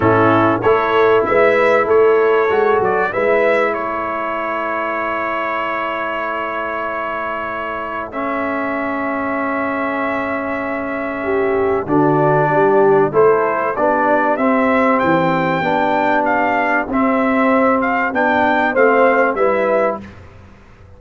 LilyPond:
<<
  \new Staff \with { instrumentName = "trumpet" } { \time 4/4 \tempo 4 = 96 a'4 cis''4 e''4 cis''4~ | cis''8 d''8 e''4 cis''2~ | cis''1~ | cis''4 e''2.~ |
e''2. d''4~ | d''4 c''4 d''4 e''4 | g''2 f''4 e''4~ | e''8 f''8 g''4 f''4 e''4 | }
  \new Staff \with { instrumentName = "horn" } { \time 4/4 e'4 a'4 b'4 a'4~ | a'4 b'4 a'2~ | a'1~ | a'1~ |
a'2 g'4 fis'4 | g'4 a'4 g'2~ | g'1~ | g'2 c''4 b'4 | }
  \new Staff \with { instrumentName = "trombone" } { \time 4/4 cis'4 e'2. | fis'4 e'2.~ | e'1~ | e'4 cis'2.~ |
cis'2. d'4~ | d'4 e'4 d'4 c'4~ | c'4 d'2 c'4~ | c'4 d'4 c'4 e'4 | }
  \new Staff \with { instrumentName = "tuba" } { \time 4/4 a,4 a4 gis4 a4 | gis8 fis8 gis4 a2~ | a1~ | a1~ |
a2. d4 | g4 a4 b4 c'4 | e4 b2 c'4~ | c'4 b4 a4 g4 | }
>>